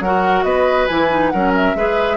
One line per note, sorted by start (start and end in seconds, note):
0.00 0.44 F#3
0.00 0.90 F#4
0.00 0.45 A#4
0.00 0.43 F#5
0.43 0.88 B3
0.43 1.33 B4
0.43 0.87 D#5
0.87 1.33 E3
0.87 1.11 E4
0.87 1.30 G#5
1.11 1.33 D#4
1.30 1.75 F#3
1.30 1.76 C#4
1.30 1.77 A#4
1.30 1.52 F#5
1.55 2.17 E5
1.75 2.17 G#3
1.75 2.17 G#4
1.75 2.17 B4